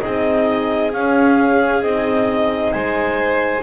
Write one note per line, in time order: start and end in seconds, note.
0.00 0.93 C4
0.00 0.91 D#4
0.00 2.73 G#4
0.00 0.91 D#5
0.91 1.82 C#4
0.91 1.83 C#4
0.91 1.83 F5
1.83 2.74 C4
1.83 3.63 D#4
1.83 2.72 D#5
2.72 3.63 G#3
2.72 3.63 C5
2.72 3.63 G#5